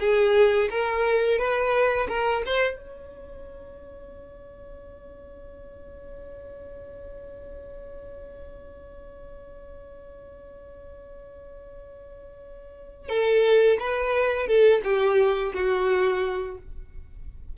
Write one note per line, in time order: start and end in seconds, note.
0.00 0.69 G#4
0.71 1.39 A#4
1.39 2.08 B4
2.08 2.43 A#4
2.46 2.77 C5
2.77 13.09 C#5
13.09 13.78 A4
13.80 14.47 B4
14.47 14.82 A4
14.84 15.53 G4
15.54 16.58 F#4